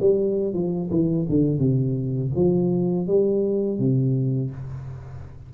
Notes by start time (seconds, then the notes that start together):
0.00 G3
0.54 F3
0.90 E3
1.29 D3
1.59 C3
2.36 F3
3.07 G3
3.79 C3